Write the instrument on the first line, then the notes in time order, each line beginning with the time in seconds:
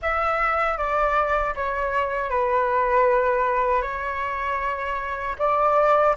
flute
0.01 E5
0.77 D5
1.55 C#5
2.30 B4
3.81 C#5
5.38 D5